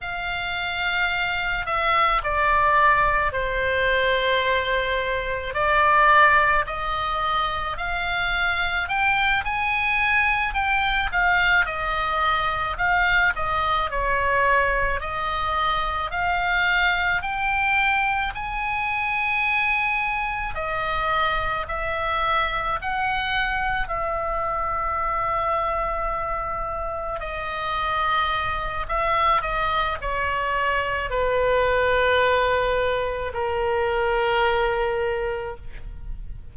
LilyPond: \new Staff \with { instrumentName = "oboe" } { \time 4/4 \tempo 4 = 54 f''4. e''8 d''4 c''4~ | c''4 d''4 dis''4 f''4 | g''8 gis''4 g''8 f''8 dis''4 f''8 | dis''8 cis''4 dis''4 f''4 g''8~ |
g''8 gis''2 dis''4 e''8~ | e''8 fis''4 e''2~ e''8~ | e''8 dis''4. e''8 dis''8 cis''4 | b'2 ais'2 | }